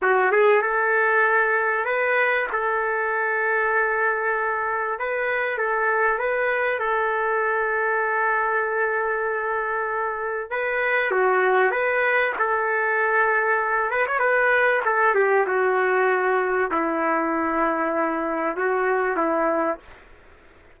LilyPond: \new Staff \with { instrumentName = "trumpet" } { \time 4/4 \tempo 4 = 97 fis'8 gis'8 a'2 b'4 | a'1 | b'4 a'4 b'4 a'4~ | a'1~ |
a'4 b'4 fis'4 b'4 | a'2~ a'8 b'16 cis''16 b'4 | a'8 g'8 fis'2 e'4~ | e'2 fis'4 e'4 | }